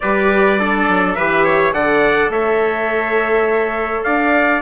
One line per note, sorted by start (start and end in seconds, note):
0.00 0.88 G3
0.00 0.59 G4
0.00 0.59 B4
0.00 1.14 D5
0.59 1.17 D4
0.59 1.16 A4
0.88 1.17 F#3
1.14 1.72 E3
1.14 1.72 G4
1.14 1.44 B4
1.14 1.71 E5
1.44 1.73 C#5
1.72 2.29 D3
1.72 4.60 A4
1.72 2.31 D5
1.72 2.31 F#5
2.29 4.02 A3
2.29 4.04 C#5
2.29 4.03 E5
4.03 4.61 D4
4.03 4.61 D5
4.03 4.61 F5